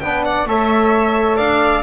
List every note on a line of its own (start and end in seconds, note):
0.00 0.45 B3
0.00 0.47 D4
0.00 0.25 B4
0.00 0.23 G5
0.25 0.47 D5
0.25 0.48 F#5
0.45 1.37 A3
0.45 1.82 A4
0.45 1.37 C#5
0.45 1.37 E5
1.37 1.82 D4
1.37 1.82 D5
1.37 1.82 F5